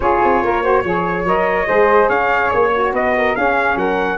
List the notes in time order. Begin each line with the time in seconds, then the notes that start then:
0.00 C#4 F4 G#4 C#5
0.24 C4
0.43 A#3 A#4
0.62 F#4 C5
0.84 F3 G#4 C#5
1.24 F#3 A#4 D#5
1.65 G#3 G#4 C5
2.08 C#4 C#5 F5
2.50 A#3 C#5
2.73 F#4
2.92 B3 B4 D#5
3.17 A#4
3.34 C#4 G#4 F5
3.75 F#3 A#4 F#5